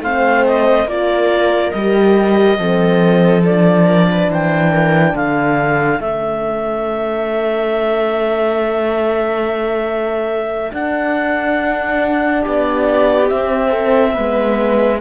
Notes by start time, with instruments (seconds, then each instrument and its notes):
0.00 cello A3, horn C4, viola C5, clarinet F5
0.46 clarinet D#5
0.86 cello A#3, horn F4, viola A#4, clarinet D5
1.71 cello G3, horn G4, clarinet D#5
2.58 cello F3, horn C4, viola A4
3.45 horn D4, clarinet D5
3.86 viola A#4
4.11 viola B4
4.29 cello E3, viola C5, clarinet G5
4.71 viola A#4
5.14 cello D3, viola A4, clarinet F5
6.00 cello A3, horn C#4, clarinet E5
10.71 horn D4, cello D4, clarinet F#5
12.42 cello B3, viola G4, clarinet D5
13.28 horn C4, cello C4, clarinet E5
13.69 viola A4
14.13 cello G#3, horn B3, viola B4